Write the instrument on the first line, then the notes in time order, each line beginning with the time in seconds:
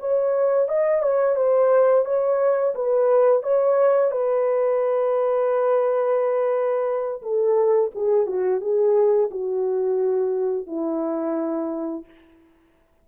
horn
0.00 C#5
0.69 D#5
1.03 C#5
1.36 C5
2.06 C#5
2.75 B4
3.43 C#5
4.12 B4
7.22 A4
7.95 G#4
8.27 F#4
8.61 G#4
9.31 F#4
10.67 E4